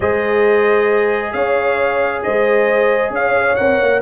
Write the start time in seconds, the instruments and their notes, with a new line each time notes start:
0.00 tuba G#3, trombone G#4, horn C5, trumpet D#5
1.32 tuba C#4, horn C#5, trumpet F5
2.22 tuba G#3, horn C5, trumpet D#5
3.10 tuba C#4, horn C#5, trumpet F5
3.55 tuba C4, trombone A#4, trumpet F#5
3.81 tuba A#3